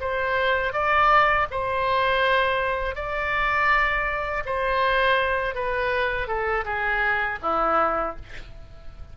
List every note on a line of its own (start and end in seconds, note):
0.00 0.72 C5
0.72 1.46 D5
1.51 2.95 C5
2.95 4.43 D5
4.45 5.55 C5
5.55 6.27 B4
6.27 6.64 A4
6.64 7.38 G#4
7.42 8.16 E4